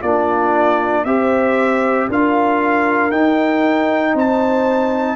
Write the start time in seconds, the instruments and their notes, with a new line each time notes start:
0.00 tuba A#3, trombone D4, horn F4, trumpet D5
1.05 tuba C4, trombone G4, horn C5, trumpet E5
2.09 tuba D4, trombone F4, horn A#4, trumpet F5
3.11 tuba D#4, trombone D#4, trumpet G5
4.14 tuba C4, horn C5, trumpet A5